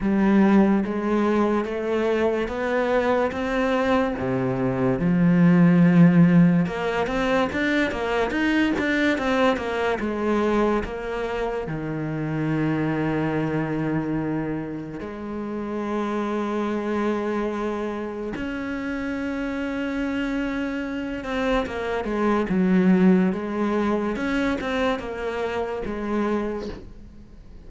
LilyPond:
\new Staff \with { instrumentName = "cello" } { \time 4/4 \tempo 4 = 72 g4 gis4 a4 b4 | c'4 c4 f2 | ais8 c'8 d'8 ais8 dis'8 d'8 c'8 ais8 | gis4 ais4 dis2~ |
dis2 gis2~ | gis2 cis'2~ | cis'4. c'8 ais8 gis8 fis4 | gis4 cis'8 c'8 ais4 gis4 | }